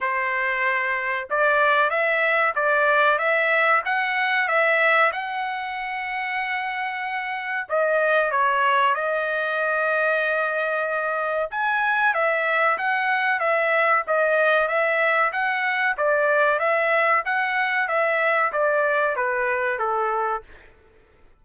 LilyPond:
\new Staff \with { instrumentName = "trumpet" } { \time 4/4 \tempo 4 = 94 c''2 d''4 e''4 | d''4 e''4 fis''4 e''4 | fis''1 | dis''4 cis''4 dis''2~ |
dis''2 gis''4 e''4 | fis''4 e''4 dis''4 e''4 | fis''4 d''4 e''4 fis''4 | e''4 d''4 b'4 a'4 | }